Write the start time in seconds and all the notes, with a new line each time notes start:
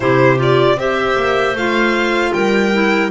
0.00 C3 E4 G4 C5
0.37 F4 D5
0.76 C4 G4 C5 E5
1.16 A#3
1.54 A3 F4 F5
2.33 G3 A#4 G5
2.72 E4